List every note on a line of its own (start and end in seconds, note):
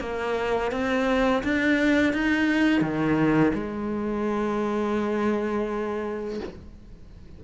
0.00 0.71 A#3
0.71 1.43 C4
1.44 2.13 D4
2.13 2.81 D#4
2.81 3.53 D#3
3.54 6.40 G#3